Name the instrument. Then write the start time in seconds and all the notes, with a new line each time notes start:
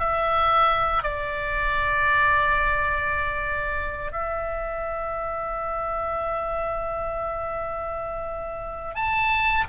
oboe
0.00 E5
1.03 D5
4.13 E5
8.95 A5